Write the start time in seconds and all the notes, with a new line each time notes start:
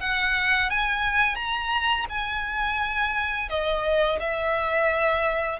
0.00 F#5
0.70 G#5
1.35 A#5
2.09 G#5
3.49 D#5
4.20 E5